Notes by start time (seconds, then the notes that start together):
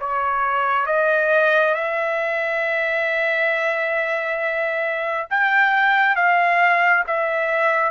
0.00 C#5
0.86 D#5
1.74 E5
5.30 G5
6.16 F5
7.07 E5